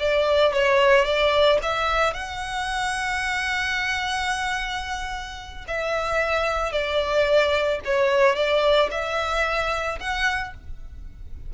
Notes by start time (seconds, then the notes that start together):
0.00 D5
0.54 C#5
1.05 D5
1.63 E5
2.14 F#5
5.68 E5
6.72 D5
7.85 C#5
8.36 D5
8.91 E5
10.00 F#5